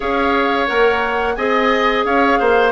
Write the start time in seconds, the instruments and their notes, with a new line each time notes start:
0.00 bassoon C#4, clarinet G#4, oboe C#5, flute F5
0.66 bassoon A#3, clarinet A#4, flute F#5
1.35 bassoon C4, clarinet G#4, oboe D#5, flute G#5
2.04 bassoon C#4, oboe C#5, flute F5
2.39 bassoon A#3, oboe C5